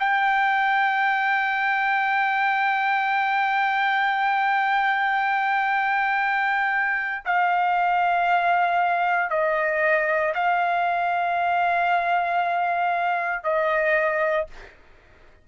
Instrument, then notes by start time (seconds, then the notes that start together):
trumpet
0.00 G5
7.26 F5
9.30 D#5
10.34 F5
13.44 D#5